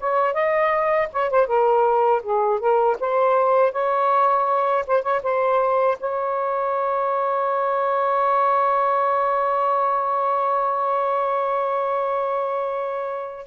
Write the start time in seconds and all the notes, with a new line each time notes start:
0.00 C#5
0.33 D#5
1.12 C#5
1.30 C5
1.47 A#4
2.23 G#4
2.59 A#4
3.00 C5
3.72 C#5
4.87 C5
5.02 C#5
5.23 C5
6.00 C#5